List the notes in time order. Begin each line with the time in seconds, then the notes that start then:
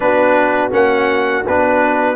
0.00 B3 D4 F#4 B4
0.70 A#3 C#4 F#5
1.46 B3 D4 B4